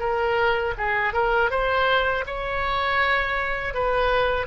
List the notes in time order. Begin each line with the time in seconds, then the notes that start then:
0.00 A#4
0.78 G#4
1.13 A#4
1.51 C5
2.27 C#5
3.74 B4